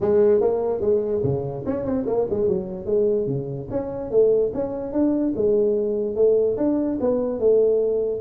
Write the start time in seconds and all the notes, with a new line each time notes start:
0.00 G#3
0.41 A#3
0.80 G#3
1.23 C#3
1.66 C#4
1.84 C4
2.06 A#3
2.29 G#3
2.48 F#3
2.85 G#3
3.27 C#3
3.70 C#4
4.11 A3
4.54 C#4
4.92 D4
5.35 G#3
6.15 A3
6.57 D4
7.00 B3
7.39 A3